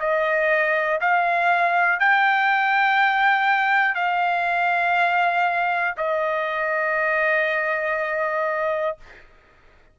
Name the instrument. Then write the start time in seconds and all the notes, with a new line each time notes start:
trumpet
0.00 D#5
1.01 F5
2.00 G5
3.95 F5
5.98 D#5